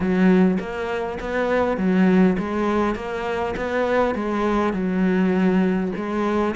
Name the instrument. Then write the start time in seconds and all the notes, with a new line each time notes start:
cello
0.00 F#3
0.59 A#3
1.20 B3
1.77 F#3
2.38 G#3
2.95 A#3
3.56 B3
4.14 G#3
4.73 F#3
5.95 G#3